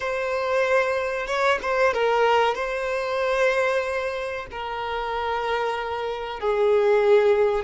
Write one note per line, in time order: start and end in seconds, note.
0.00 1.26 C5
1.26 1.58 C#5
1.62 1.93 C5
1.93 2.54 A#4
2.54 4.46 C5
4.51 6.40 A#4
6.40 7.64 G#4